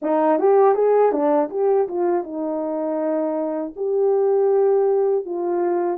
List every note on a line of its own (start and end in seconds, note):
0.02 0.39 D#4
0.39 0.74 G4
0.74 1.11 G#4
1.11 1.49 D4
1.50 1.87 G4
1.88 2.23 F4
2.23 3.73 D#4
3.75 5.25 G4
5.25 5.98 F4